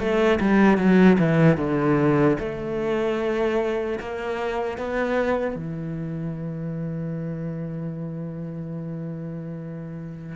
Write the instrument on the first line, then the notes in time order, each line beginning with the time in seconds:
cello
0.00 A3
0.40 G3
0.78 F#3
1.19 E3
1.57 D3
2.40 A3
4.00 A#3
4.78 B3
5.56 E3